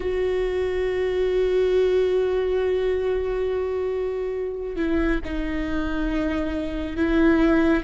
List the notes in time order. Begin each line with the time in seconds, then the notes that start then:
0.00 F#4
4.76 E4
5.24 D#4
6.96 E4